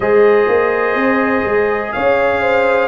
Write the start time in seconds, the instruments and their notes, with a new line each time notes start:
0.00 tuba G#3, trombone G#4, horn C5, trumpet D#5
0.48 tuba A#3
0.95 tuba C4
1.46 tuba G#3
1.92 tuba C#4, horn C#5, trumpet F5
2.41 horn C5